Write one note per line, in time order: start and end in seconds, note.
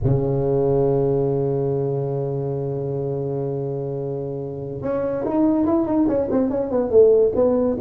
0.03 4.82 C#3
4.82 5.24 C#4
5.25 5.65 D#4
5.65 5.86 E4
5.86 6.07 D#4
6.07 6.28 C#4
6.30 6.50 C4
6.50 6.71 C#4
6.71 6.90 B3
6.90 7.32 A3
7.35 7.77 B3